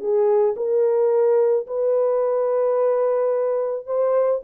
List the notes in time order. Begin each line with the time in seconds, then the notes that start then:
0.00 G#4
0.57 A#4
1.67 B4
3.87 C5